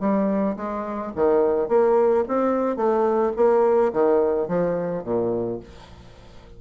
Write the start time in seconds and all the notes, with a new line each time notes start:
0.00 G3
0.56 G#3
1.15 D#3
1.68 A#3
2.28 C4
2.76 A3
3.36 A#3
3.93 D#3
4.48 F3
5.03 A#2